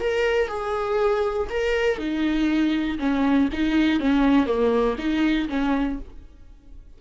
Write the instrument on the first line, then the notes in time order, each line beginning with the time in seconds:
viola
0.00 A#4
0.48 G#4
1.50 A#4
1.98 D#4
2.99 C#4
3.52 D#4
4.00 C#4
4.46 A#3
4.98 D#4
5.49 C#4